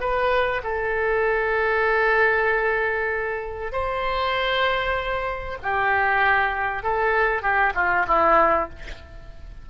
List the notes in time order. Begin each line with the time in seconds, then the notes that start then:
0.00 B4
0.63 A4
3.72 C5
5.63 G4
6.83 A4
7.42 G4
7.75 F4
8.07 E4